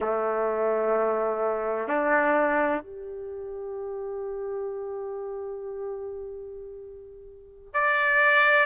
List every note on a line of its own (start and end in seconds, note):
0.00 1.87 A3
1.87 2.81 D4
2.81 7.73 G4
7.73 8.65 D5